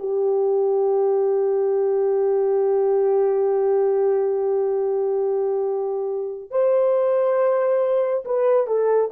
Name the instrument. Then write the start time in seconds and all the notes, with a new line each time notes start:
horn
0.00 G4
6.51 C5
8.25 B4
8.67 A4